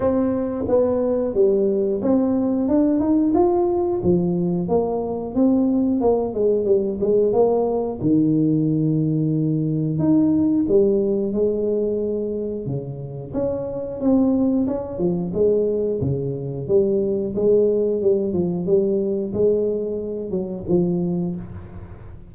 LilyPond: \new Staff \with { instrumentName = "tuba" } { \time 4/4 \tempo 4 = 90 c'4 b4 g4 c'4 | d'8 dis'8 f'4 f4 ais4 | c'4 ais8 gis8 g8 gis8 ais4 | dis2. dis'4 |
g4 gis2 cis4 | cis'4 c'4 cis'8 f8 gis4 | cis4 g4 gis4 g8 f8 | g4 gis4. fis8 f4 | }